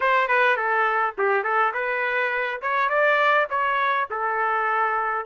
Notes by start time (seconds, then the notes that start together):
0.00 C5
0.28 B4
0.56 A4
1.18 G4
1.43 A4
1.73 B4
2.61 C#5
2.89 D5
3.50 C#5
4.10 A4